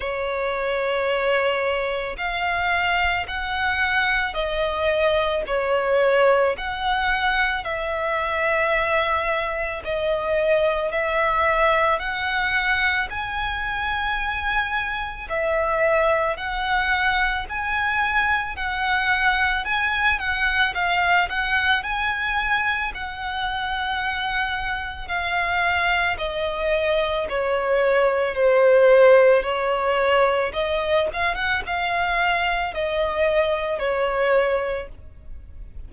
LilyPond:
\new Staff \with { instrumentName = "violin" } { \time 4/4 \tempo 4 = 55 cis''2 f''4 fis''4 | dis''4 cis''4 fis''4 e''4~ | e''4 dis''4 e''4 fis''4 | gis''2 e''4 fis''4 |
gis''4 fis''4 gis''8 fis''8 f''8 fis''8 | gis''4 fis''2 f''4 | dis''4 cis''4 c''4 cis''4 | dis''8 f''16 fis''16 f''4 dis''4 cis''4 | }